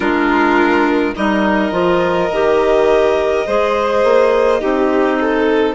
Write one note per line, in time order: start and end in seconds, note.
0.00 1.13 G#3
0.00 1.15 D4
0.00 1.13 F4
0.00 1.14 A#4
1.15 1.71 G3
1.15 1.71 D#4
1.15 3.46 A#4
1.15 5.75 D#5
1.71 2.29 F3
1.71 2.29 F4
2.30 3.46 D#3
2.30 3.46 G4
3.46 4.03 G#3
3.46 4.60 G#4
3.46 4.61 C5
4.03 4.61 A#3
4.60 5.75 C4
4.60 5.75 D#4
4.60 5.18 G4
5.20 5.75 A4